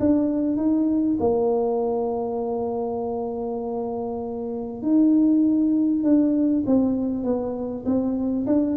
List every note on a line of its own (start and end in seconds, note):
0.00 0.57 D4
0.57 1.17 D#4
1.20 4.82 A#3
4.82 6.03 D#4
6.03 6.64 D4
6.66 7.24 C4
7.24 7.85 B3
7.85 8.46 C4
8.47 8.77 D4